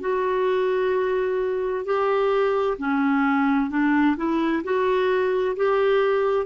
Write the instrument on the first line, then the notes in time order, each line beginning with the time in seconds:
clarinet
0.00 F#4
1.85 G4
2.78 C#4
3.70 D4
4.17 E4
4.63 F#4
5.56 G4